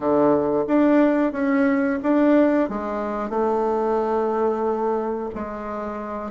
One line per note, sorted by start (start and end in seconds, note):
0.00 0.65 D3
0.67 1.32 D4
1.32 1.99 C#4
2.02 2.68 D4
2.68 3.29 G#3
3.29 5.29 A3
5.34 6.31 G#3